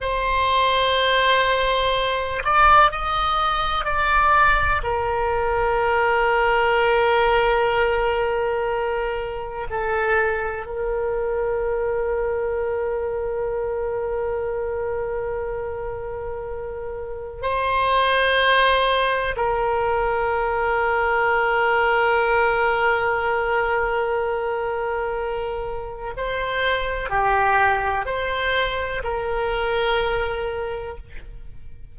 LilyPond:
\new Staff \with { instrumentName = "oboe" } { \time 4/4 \tempo 4 = 62 c''2~ c''8 d''8 dis''4 | d''4 ais'2.~ | ais'2 a'4 ais'4~ | ais'1~ |
ais'2 c''2 | ais'1~ | ais'2. c''4 | g'4 c''4 ais'2 | }